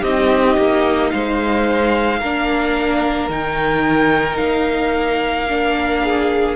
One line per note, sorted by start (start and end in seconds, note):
0.00 0.57 C4
0.00 2.20 D#4
0.00 1.09 G4
0.00 1.10 D#5
0.57 1.11 A#3
1.10 2.20 G#3
1.10 2.19 C5
1.10 3.28 F5
2.19 3.28 A#3
2.19 3.29 D4
2.19 6.01 A#4
3.28 4.37 D#3
3.28 5.47 D#4
3.28 4.36 G5
4.36 6.56 A#3
4.36 6.55 F5
5.48 6.56 D4
6.03 6.56 G#4